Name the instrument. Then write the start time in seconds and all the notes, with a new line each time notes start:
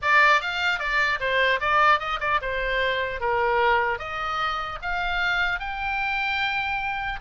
oboe
0.02 D5
0.41 F5
0.79 D5
1.20 C5
1.60 D5
1.99 D#5
2.20 D5
2.41 C5
3.20 A#4
3.98 D#5
4.82 F5
5.59 G5